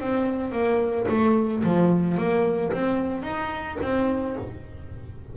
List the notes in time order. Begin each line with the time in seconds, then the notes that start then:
0.00 C4
0.52 A#3
1.09 A3
1.64 F3
2.18 A#3
2.72 C4
3.23 D#4
3.82 C4